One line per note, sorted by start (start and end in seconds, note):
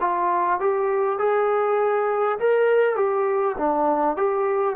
0.00 0.59 F4
0.59 1.18 G4
1.18 2.38 G#4
2.39 2.96 A#4
2.96 3.56 G4
3.57 4.16 D4
4.16 4.76 G4